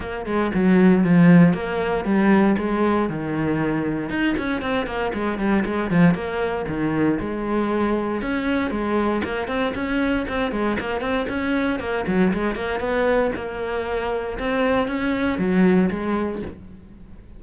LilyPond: \new Staff \with { instrumentName = "cello" } { \time 4/4 \tempo 4 = 117 ais8 gis8 fis4 f4 ais4 | g4 gis4 dis2 | dis'8 cis'8 c'8 ais8 gis8 g8 gis8 f8 | ais4 dis4 gis2 |
cis'4 gis4 ais8 c'8 cis'4 | c'8 gis8 ais8 c'8 cis'4 ais8 fis8 | gis8 ais8 b4 ais2 | c'4 cis'4 fis4 gis4 | }